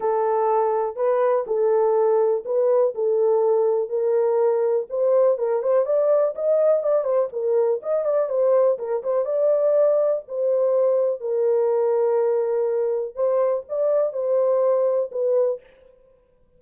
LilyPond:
\new Staff \with { instrumentName = "horn" } { \time 4/4 \tempo 4 = 123 a'2 b'4 a'4~ | a'4 b'4 a'2 | ais'2 c''4 ais'8 c''8 | d''4 dis''4 d''8 c''8 ais'4 |
dis''8 d''8 c''4 ais'8 c''8 d''4~ | d''4 c''2 ais'4~ | ais'2. c''4 | d''4 c''2 b'4 | }